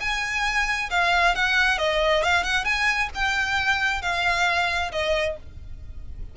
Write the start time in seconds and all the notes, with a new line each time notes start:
0.00 G#5
0.90 F5
1.35 F#5
1.78 D#5
2.23 F5
2.43 F#5
2.64 G#5
3.15 G5
4.02 F5
4.92 D#5